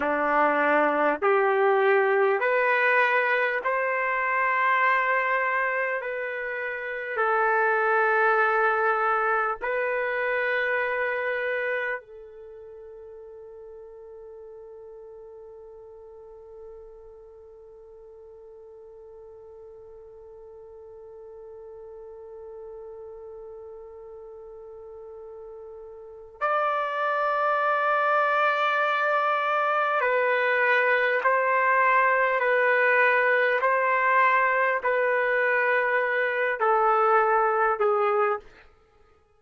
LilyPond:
\new Staff \with { instrumentName = "trumpet" } { \time 4/4 \tempo 4 = 50 d'4 g'4 b'4 c''4~ | c''4 b'4 a'2 | b'2 a'2~ | a'1~ |
a'1~ | a'2 d''2~ | d''4 b'4 c''4 b'4 | c''4 b'4. a'4 gis'8 | }